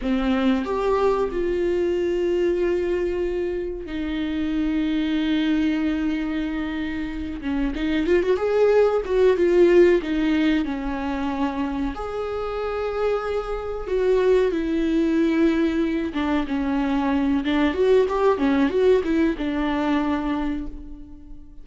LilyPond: \new Staff \with { instrumentName = "viola" } { \time 4/4 \tempo 4 = 93 c'4 g'4 f'2~ | f'2 dis'2~ | dis'2.~ dis'8 cis'8 | dis'8 f'16 fis'16 gis'4 fis'8 f'4 dis'8~ |
dis'8 cis'2 gis'4.~ | gis'4. fis'4 e'4.~ | e'4 d'8 cis'4. d'8 fis'8 | g'8 cis'8 fis'8 e'8 d'2 | }